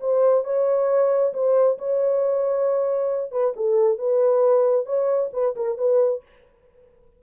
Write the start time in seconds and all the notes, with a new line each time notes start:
0.00 C5
0.44 C#5
1.34 C5
1.78 C#5
3.32 B4
3.56 A4
3.98 B4
4.86 C#5
5.33 B4
5.56 A#4
5.78 B4